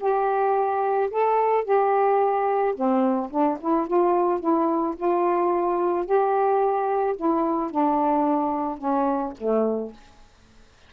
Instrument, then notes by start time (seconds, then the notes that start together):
saxophone
0.00 G4
1.11 A4
1.64 G4
2.75 C4
3.31 D4
3.60 E4
3.87 F4
4.40 E4
4.96 F4
6.06 G4
7.16 E4
7.71 D4
8.78 C#4
9.38 A3